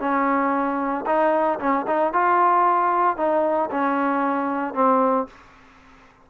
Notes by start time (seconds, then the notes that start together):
0.00 C#4
1.06 D#4
1.60 C#4
1.87 D#4
2.13 F4
3.17 D#4
3.71 C#4
4.74 C4